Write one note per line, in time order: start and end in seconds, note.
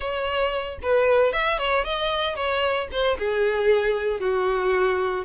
0.00 0.78 C#5
0.82 1.32 B4
1.32 1.58 E5
1.58 1.84 C#5
1.84 2.35 D#5
2.35 2.88 C#5
2.91 3.17 C5
3.18 4.20 G#4
4.20 5.25 F#4